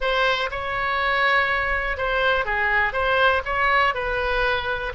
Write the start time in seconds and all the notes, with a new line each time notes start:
0.00 C5
0.50 C#5
1.97 C5
2.45 G#4
2.93 C5
3.45 C#5
3.94 B4